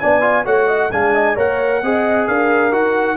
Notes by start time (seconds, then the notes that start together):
0.00 B3 D4 D5 G#5
0.22 F4
0.45 A3 F#4 C#5 F#5
0.67 D#5
0.92 G#3 D4 F5 G#5
1.15 D#5
1.36 A#3 A#4 C#5 F#5
1.82 C4 G#4 D#5
2.28 D4 A#4 F5
2.72 D#4 F#4 F#5